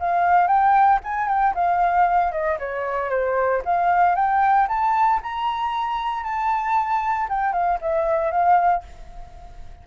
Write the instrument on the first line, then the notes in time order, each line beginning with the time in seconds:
flute
0.00 F5
0.47 G5
1.04 G#5
1.28 G5
1.55 F5
2.32 D#5
2.59 C#5
3.10 C5
3.65 F5
4.15 G5
4.68 A5
5.23 A#5
6.23 A5
7.29 G5
7.53 F5
7.81 E5
8.31 F5